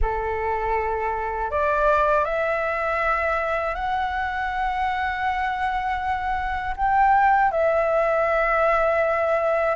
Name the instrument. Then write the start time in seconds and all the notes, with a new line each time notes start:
flute
0.01 A4
1.50 D5
2.24 E5
3.75 F#5
6.76 G5
7.51 E5